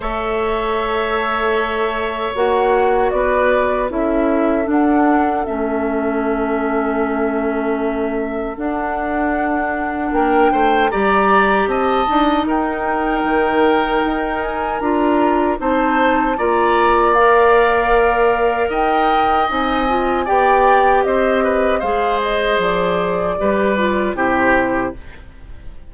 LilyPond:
<<
  \new Staff \with { instrumentName = "flute" } { \time 4/4 \tempo 4 = 77 e''2. fis''4 | d''4 e''4 fis''4 e''4~ | e''2. fis''4~ | fis''4 g''4 ais''4 a''4 |
g''2~ g''8 gis''8 ais''4 | a''4 ais''4 f''2 | g''4 gis''4 g''4 dis''4 | f''8 dis''8 d''2 c''4 | }
  \new Staff \with { instrumentName = "oboe" } { \time 4/4 cis''1 | b'4 a'2.~ | a'1~ | a'4 ais'8 c''8 d''4 dis''4 |
ais'1 | c''4 d''2. | dis''2 d''4 c''8 b'8 | c''2 b'4 g'4 | }
  \new Staff \with { instrumentName = "clarinet" } { \time 4/4 a'2. fis'4~ | fis'4 e'4 d'4 cis'4~ | cis'2. d'4~ | d'2 g'4. dis'8~ |
dis'2. f'4 | dis'4 f'4 ais'2~ | ais'4 dis'8 f'8 g'2 | gis'2 g'8 f'8 e'4 | }
  \new Staff \with { instrumentName = "bassoon" } { \time 4/4 a2. ais4 | b4 cis'4 d'4 a4~ | a2. d'4~ | d'4 ais8 a8 g4 c'8 d'8 |
dis'4 dis4 dis'4 d'4 | c'4 ais2. | dis'4 c'4 b4 c'4 | gis4 f4 g4 c4 | }
>>